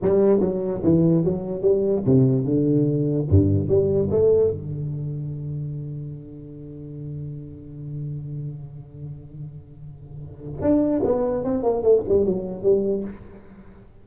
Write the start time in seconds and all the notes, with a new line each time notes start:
0.02 G3
0.40 F#3
0.83 E3
1.24 F#3
1.61 G3
2.06 C3
2.44 D3
3.29 G2
3.68 G3
4.10 A3
4.51 D3
10.61 D4
11.03 B3
11.44 C4
11.63 A#3
11.82 A3
12.08 G3
12.24 F#3
12.63 G3